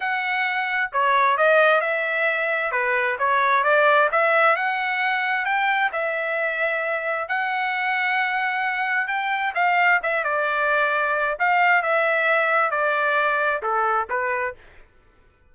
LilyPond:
\new Staff \with { instrumentName = "trumpet" } { \time 4/4 \tempo 4 = 132 fis''2 cis''4 dis''4 | e''2 b'4 cis''4 | d''4 e''4 fis''2 | g''4 e''2. |
fis''1 | g''4 f''4 e''8 d''4.~ | d''4 f''4 e''2 | d''2 a'4 b'4 | }